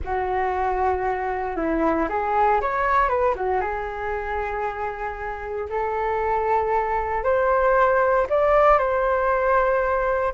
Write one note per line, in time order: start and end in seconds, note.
0.04 1.56 F#4
1.56 2.08 E4
2.09 2.60 G#4
2.61 3.08 C#5
3.08 3.34 B4
3.35 3.61 F#4
3.61 5.68 G#4
5.69 7.23 A4
7.23 8.26 C5
8.29 8.78 D5
8.78 10.33 C5